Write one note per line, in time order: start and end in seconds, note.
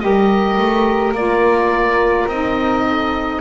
0.00 0.58 G3
0.00 1.15 G4
0.00 2.84 A#4
0.00 1.13 D#5
0.58 1.12 A3
1.12 2.25 A#3
1.12 2.29 F4
1.12 2.29 D5
2.27 3.40 C4
2.27 3.41 D#4
2.27 3.41 D#5
2.84 3.41 A4